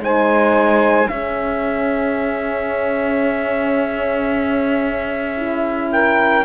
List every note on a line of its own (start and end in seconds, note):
0.00 1.07 G#3
0.00 1.08 D#4
0.00 1.11 C5
0.00 1.09 G#5
1.09 5.37 C#4
1.09 6.45 C#4
1.09 5.92 G#4
1.09 5.91 E5
5.37 6.44 E4
5.92 6.45 A#4
5.92 6.45 G5